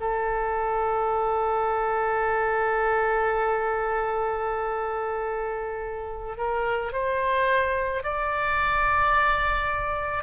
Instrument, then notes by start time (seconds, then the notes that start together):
oboe
0.00 A4
6.37 A#4
6.92 C5
8.03 D5